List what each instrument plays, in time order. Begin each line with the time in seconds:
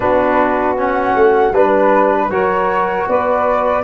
0.00 tuba B3, trombone D4, saxophone F#4, flute B4
0.76 trombone C#4, flute F#5
1.15 tuba A3
1.51 tuba G3, trombone D4, flute B4, saxophone B4
2.29 tuba F#3, trombone F#4, saxophone A#4, flute C#5
3.08 tuba B3, saxophone B4, flute D5